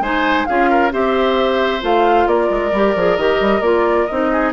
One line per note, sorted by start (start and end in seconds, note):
0.00 0.45 G#3
0.00 0.48 D#4
0.00 0.48 C5
0.00 0.46 G#5
0.46 0.93 C#4
0.46 0.91 F4
0.46 0.70 G#4
0.46 0.91 F5
0.70 0.93 A#4
0.91 1.83 C4
0.91 1.81 G4
0.91 2.28 C5
0.91 1.83 E5
1.81 2.26 A3
1.81 2.71 F4
1.81 2.28 F5
2.26 2.49 A#3
2.26 4.31 A#4
2.26 3.17 D5
2.50 2.72 G#3
2.72 2.95 G3
2.72 2.97 G4
2.95 3.17 F3
2.95 3.18 G#4
3.17 3.40 D#3
3.17 3.62 G4
3.17 3.62 D#5
3.40 3.61 G3
3.61 4.06 A#3
3.61 4.08 F4
3.61 4.06 D5
4.06 4.53 C4
4.06 4.53 D#4
4.06 4.51 D#5
4.32 4.53 G#4